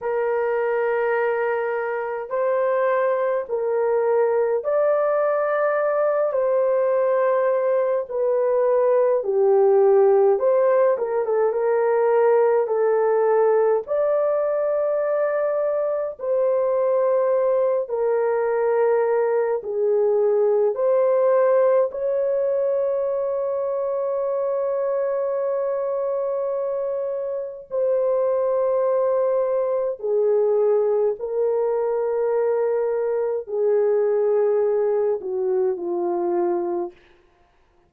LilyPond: \new Staff \with { instrumentName = "horn" } { \time 4/4 \tempo 4 = 52 ais'2 c''4 ais'4 | d''4. c''4. b'4 | g'4 c''8 ais'16 a'16 ais'4 a'4 | d''2 c''4. ais'8~ |
ais'4 gis'4 c''4 cis''4~ | cis''1 | c''2 gis'4 ais'4~ | ais'4 gis'4. fis'8 f'4 | }